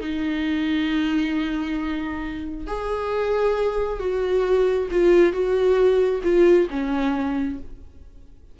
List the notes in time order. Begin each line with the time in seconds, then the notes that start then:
0.00 D#4
2.67 G#4
3.99 F#4
4.91 F4
5.32 F#4
6.23 F4
6.70 C#4